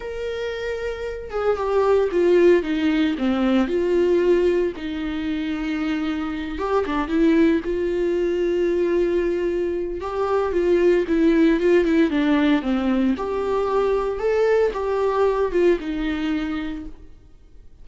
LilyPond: \new Staff \with { instrumentName = "viola" } { \time 4/4 \tempo 4 = 114 ais'2~ ais'8 gis'8 g'4 | f'4 dis'4 c'4 f'4~ | f'4 dis'2.~ | dis'8 g'8 d'8 e'4 f'4.~ |
f'2. g'4 | f'4 e'4 f'8 e'8 d'4 | c'4 g'2 a'4 | g'4. f'8 dis'2 | }